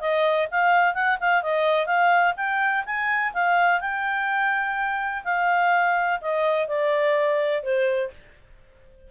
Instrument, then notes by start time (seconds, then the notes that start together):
clarinet
0.00 D#5
0.51 F5
0.94 F#5
1.20 F5
1.42 D#5
1.86 F5
2.36 G5
2.85 G#5
3.33 F5
3.80 G5
5.24 F5
6.21 D#5
6.68 D5
7.63 C5